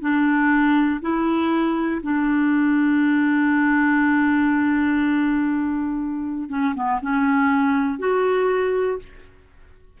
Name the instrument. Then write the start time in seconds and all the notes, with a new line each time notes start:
clarinet
0.00 D4
1.01 E4
2.02 D4
6.49 C#4
6.75 B3
7.01 C#4
7.98 F#4